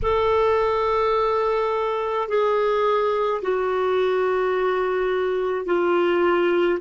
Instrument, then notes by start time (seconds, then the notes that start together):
clarinet
0.02 A4
2.28 G#4
3.42 F#4
5.66 F4